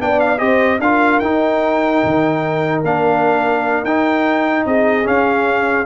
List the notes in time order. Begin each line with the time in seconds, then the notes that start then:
0.00 B3 D4 D5 G5
0.20 F5
0.38 C4 G4 C5 D#5
0.80 D4 F4 A#4 F5
1.20 D#4 G5
2.04 D#3
2.84 A#3 D4 F5
3.84 D#4 G5
4.66 C4 G#4 D#5
5.04 C#4 F5